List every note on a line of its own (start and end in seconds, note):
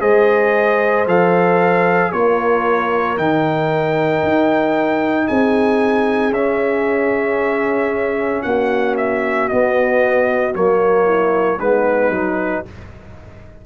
0.00 1.06 G#3
0.00 1.05 G#4
0.00 2.12 C5
0.00 1.06 D#5
1.07 2.12 F3
1.07 2.13 A4
1.07 2.12 F5
2.12 3.17 A#3
2.12 3.17 F4
2.12 5.28 A#4
2.12 3.18 C#5
3.17 4.23 D#3
3.17 6.33 D#4
3.17 5.28 G5
4.23 5.28 D#4
5.28 6.31 C4
5.28 8.44 G#4
5.28 6.33 G#5
6.31 8.42 C#4
6.31 9.50 C#4
6.31 8.43 E5
8.43 9.50 A#3
8.43 11.04 F#4
8.43 8.95 F#5
8.97 9.49 E5
9.49 10.53 B3
9.49 10.55 B3
9.49 10.54 D#5
10.53 11.60 F#3
10.53 11.59 A#3
10.53 11.60 C#5
11.04 11.57 E4
11.60 12.10 G#3
11.60 12.13 B3
11.60 12.66 D#4
11.60 12.65 B4
12.10 12.62 F#3
12.10 12.65 D#4